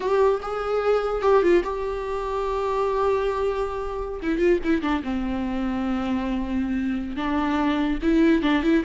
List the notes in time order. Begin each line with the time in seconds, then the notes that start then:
0.00 G4
0.41 G#4
1.22 G4
1.42 F4
1.63 G4
4.22 E4
4.38 F4
4.64 E4
4.82 D4
5.03 C4
7.16 D4
8.02 E4
8.42 D4
8.63 E4